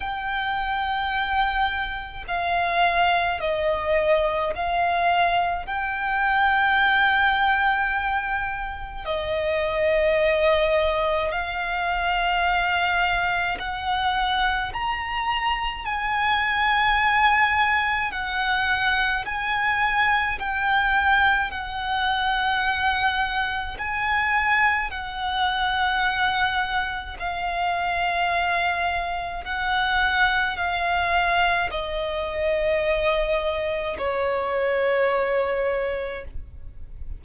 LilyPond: \new Staff \with { instrumentName = "violin" } { \time 4/4 \tempo 4 = 53 g''2 f''4 dis''4 | f''4 g''2. | dis''2 f''2 | fis''4 ais''4 gis''2 |
fis''4 gis''4 g''4 fis''4~ | fis''4 gis''4 fis''2 | f''2 fis''4 f''4 | dis''2 cis''2 | }